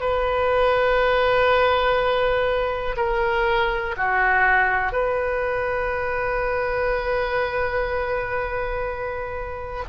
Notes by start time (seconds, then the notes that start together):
0.00 B4
2.96 A#4
3.97 F#4
4.92 B4